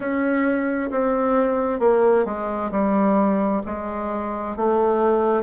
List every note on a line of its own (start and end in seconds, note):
0.00 0.90 C#4
0.90 1.79 C4
1.79 2.25 A#3
2.25 2.70 G#3
2.71 3.62 G3
3.66 4.56 G#3
4.56 5.43 A3